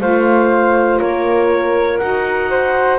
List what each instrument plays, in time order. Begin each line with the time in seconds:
0.00 double bass A3, saxophone F4, flute C5, clarinet F5
1.00 double bass A#3, flute A#4, clarinet C#5
1.98 double bass D#4, saxophone F#4, clarinet F#5
2.50 flute C5